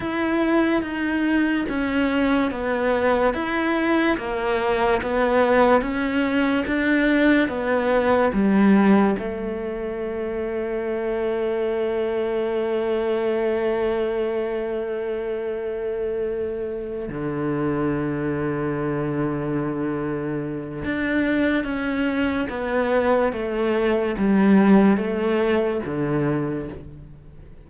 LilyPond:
\new Staff \with { instrumentName = "cello" } { \time 4/4 \tempo 4 = 72 e'4 dis'4 cis'4 b4 | e'4 ais4 b4 cis'4 | d'4 b4 g4 a4~ | a1~ |
a1~ | a8 d2.~ d8~ | d4 d'4 cis'4 b4 | a4 g4 a4 d4 | }